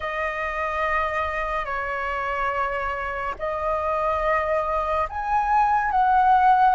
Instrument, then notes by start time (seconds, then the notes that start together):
flute
0.00 D#5
1.65 C#5
3.38 D#5
5.09 G#5
5.91 F#5